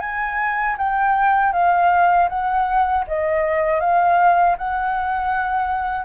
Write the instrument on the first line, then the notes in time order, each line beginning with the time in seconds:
flute
0.00 G#5
0.78 G5
1.53 F5
2.29 F#5
3.07 D#5
3.80 F5
4.58 F#5